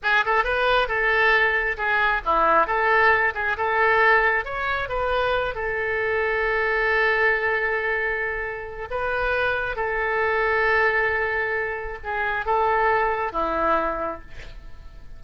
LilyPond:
\new Staff \with { instrumentName = "oboe" } { \time 4/4 \tempo 4 = 135 gis'8 a'8 b'4 a'2 | gis'4 e'4 a'4. gis'8 | a'2 cis''4 b'4~ | b'8 a'2.~ a'8~ |
a'1 | b'2 a'2~ | a'2. gis'4 | a'2 e'2 | }